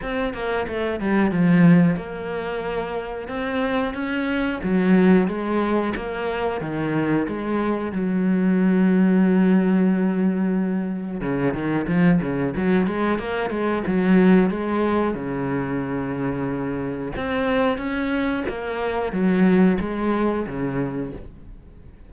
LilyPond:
\new Staff \with { instrumentName = "cello" } { \time 4/4 \tempo 4 = 91 c'8 ais8 a8 g8 f4 ais4~ | ais4 c'4 cis'4 fis4 | gis4 ais4 dis4 gis4 | fis1~ |
fis4 cis8 dis8 f8 cis8 fis8 gis8 | ais8 gis8 fis4 gis4 cis4~ | cis2 c'4 cis'4 | ais4 fis4 gis4 cis4 | }